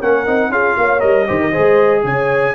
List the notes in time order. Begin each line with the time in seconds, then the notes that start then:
0.00 A#3 C#4 A#4 F#5
0.26 C4 D#4
0.49 C#4 F4 G#4 F5
0.77 A#3 C#5
0.99 G3 A#4 D#5
1.27 D#3 G4 C5
1.40 A#4
1.51 G#4 C5
1.58 G#3
2.03 C#3 C#5 G#5